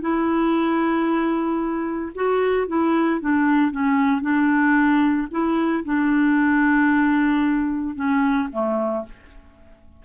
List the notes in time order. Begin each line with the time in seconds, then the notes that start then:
0.00 E4
2.15 F#4
2.67 E4
3.21 D4
3.71 C#4
4.21 D4
5.31 E4
5.84 D4
7.95 C#4
8.52 A3